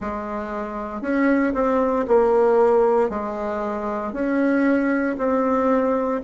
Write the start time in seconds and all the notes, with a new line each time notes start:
0.00 G#3
1.01 C#4
1.54 C4
2.07 A#3
3.09 G#3
4.12 C#4
5.17 C4